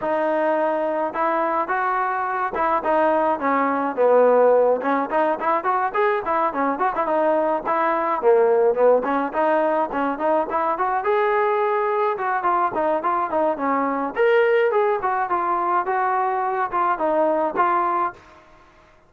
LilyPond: \new Staff \with { instrumentName = "trombone" } { \time 4/4 \tempo 4 = 106 dis'2 e'4 fis'4~ | fis'8 e'8 dis'4 cis'4 b4~ | b8 cis'8 dis'8 e'8 fis'8 gis'8 e'8 cis'8 | fis'16 e'16 dis'4 e'4 ais4 b8 |
cis'8 dis'4 cis'8 dis'8 e'8 fis'8 gis'8~ | gis'4. fis'8 f'8 dis'8 f'8 dis'8 | cis'4 ais'4 gis'8 fis'8 f'4 | fis'4. f'8 dis'4 f'4 | }